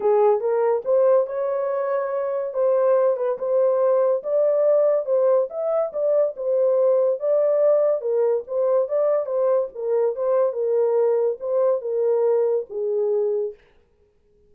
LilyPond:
\new Staff \with { instrumentName = "horn" } { \time 4/4 \tempo 4 = 142 gis'4 ais'4 c''4 cis''4~ | cis''2 c''4. b'8 | c''2 d''2 | c''4 e''4 d''4 c''4~ |
c''4 d''2 ais'4 | c''4 d''4 c''4 ais'4 | c''4 ais'2 c''4 | ais'2 gis'2 | }